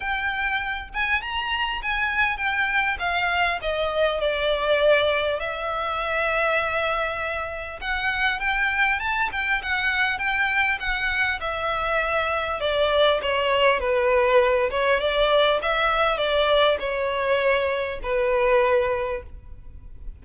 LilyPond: \new Staff \with { instrumentName = "violin" } { \time 4/4 \tempo 4 = 100 g''4. gis''8 ais''4 gis''4 | g''4 f''4 dis''4 d''4~ | d''4 e''2.~ | e''4 fis''4 g''4 a''8 g''8 |
fis''4 g''4 fis''4 e''4~ | e''4 d''4 cis''4 b'4~ | b'8 cis''8 d''4 e''4 d''4 | cis''2 b'2 | }